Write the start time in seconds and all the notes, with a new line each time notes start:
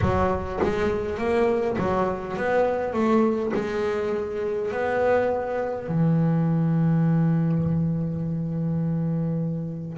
0.01 F#3
0.62 G#3
1.18 A#3
1.78 F#3
2.36 B3
2.93 A3
3.53 G#3
4.71 B3
5.88 E3